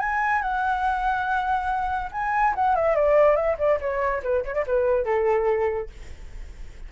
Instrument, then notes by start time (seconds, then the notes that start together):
flute
0.00 G#5
0.42 F#5
2.12 G#5
2.55 F#5
2.76 E5
2.96 D5
3.36 E5
3.59 D5
3.80 C#5
4.23 B4
4.45 C#5
4.54 D5
4.67 B4
5.05 A4